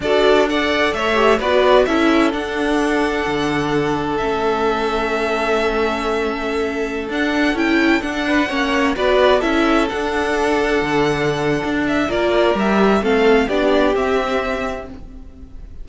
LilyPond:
<<
  \new Staff \with { instrumentName = "violin" } { \time 4/4 \tempo 4 = 129 d''4 fis''4 e''4 d''4 | e''4 fis''2.~ | fis''4 e''2.~ | e''2.~ e''16 fis''8.~ |
fis''16 g''4 fis''2 d''8.~ | d''16 e''4 fis''2~ fis''8.~ | fis''4. e''8 d''4 e''4 | f''4 d''4 e''2 | }
  \new Staff \with { instrumentName = "violin" } { \time 4/4 a'4 d''4 cis''4 b'4 | a'1~ | a'1~ | a'1~ |
a'4.~ a'16 b'8 cis''4 b'8.~ | b'16 a'2.~ a'8.~ | a'2 ais'2 | a'4 g'2. | }
  \new Staff \with { instrumentName = "viola" } { \time 4/4 fis'4 a'4. g'8 fis'4 | e'4 d'2.~ | d'4 cis'2.~ | cis'2.~ cis'16 d'8.~ |
d'16 e'4 d'4 cis'4 fis'8.~ | fis'16 e'4 d'2~ d'8.~ | d'2 f'4 g'4 | c'4 d'4 c'2 | }
  \new Staff \with { instrumentName = "cello" } { \time 4/4 d'2 a4 b4 | cis'4 d'2 d4~ | d4 a2.~ | a2.~ a16 d'8.~ |
d'16 cis'4 d'4 ais4 b8.~ | b16 cis'4 d'2 d8.~ | d4 d'4 ais4 g4 | a4 b4 c'2 | }
>>